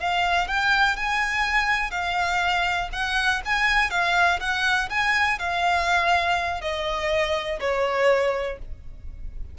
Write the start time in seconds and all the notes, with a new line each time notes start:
0.00 F5
0.47 G5
0.96 G#5
1.91 F5
2.92 F#5
3.45 G#5
3.90 F5
4.40 F#5
4.90 G#5
5.39 F5
6.61 D#5
7.60 C#5